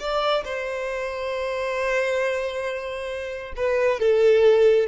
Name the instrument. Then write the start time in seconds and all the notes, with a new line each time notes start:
violin
0.00 D5
0.45 C5
3.57 B4
4.00 A4